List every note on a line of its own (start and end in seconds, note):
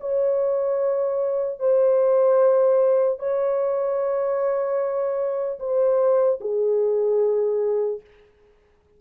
0.00 1.59 C#5
1.59 3.19 C5
3.19 5.59 C#5
5.59 6.39 C5
6.41 8.01 G#4